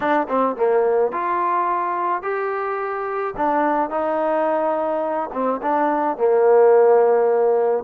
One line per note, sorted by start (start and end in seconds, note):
0.00 0.27 D4
0.28 0.56 C4
0.56 1.12 A#3
1.12 2.22 F4
2.22 3.34 G4
3.36 3.89 D4
3.89 5.30 D#4
5.32 5.60 C4
5.62 6.17 D4
6.17 7.84 A#3